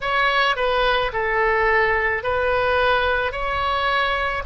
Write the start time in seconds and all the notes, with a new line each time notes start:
0.01 C#5
0.56 B4
1.13 A4
2.23 B4
3.31 C#5